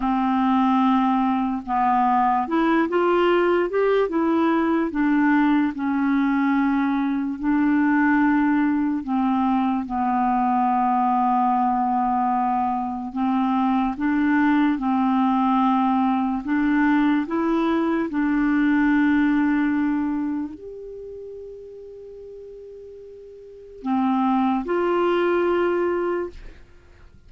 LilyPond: \new Staff \with { instrumentName = "clarinet" } { \time 4/4 \tempo 4 = 73 c'2 b4 e'8 f'8~ | f'8 g'8 e'4 d'4 cis'4~ | cis'4 d'2 c'4 | b1 |
c'4 d'4 c'2 | d'4 e'4 d'2~ | d'4 g'2.~ | g'4 c'4 f'2 | }